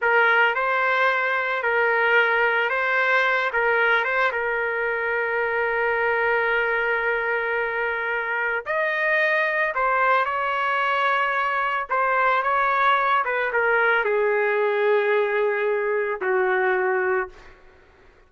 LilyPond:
\new Staff \with { instrumentName = "trumpet" } { \time 4/4 \tempo 4 = 111 ais'4 c''2 ais'4~ | ais'4 c''4. ais'4 c''8 | ais'1~ | ais'1 |
dis''2 c''4 cis''4~ | cis''2 c''4 cis''4~ | cis''8 b'8 ais'4 gis'2~ | gis'2 fis'2 | }